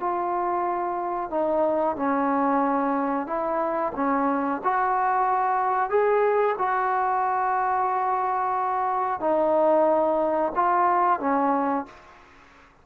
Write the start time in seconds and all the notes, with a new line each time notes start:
0.00 F4
1.30 D#4
1.96 C#4
3.27 E4
3.96 C#4
4.64 F#4
5.90 G#4
6.58 F#4
9.20 D#4
10.55 F4
11.20 C#4